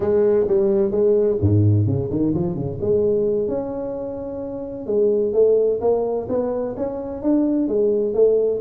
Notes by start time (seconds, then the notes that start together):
0.00 G#3
0.47 G3
0.91 G#3
1.40 G#2
1.86 C#3
2.10 D#3
2.33 F3
2.55 C#3
2.80 G#3
3.48 C#4
4.86 G#3
5.33 A3
5.81 A#3
6.28 B3
6.77 C#4
7.22 D4
7.67 G#3
8.14 A3